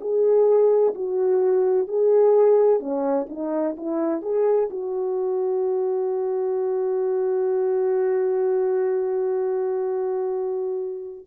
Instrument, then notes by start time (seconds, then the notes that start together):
horn
0.00 G#4
0.94 F#4
1.87 G#4
2.80 C#4
3.29 D#4
3.77 E4
4.21 G#4
4.70 F#4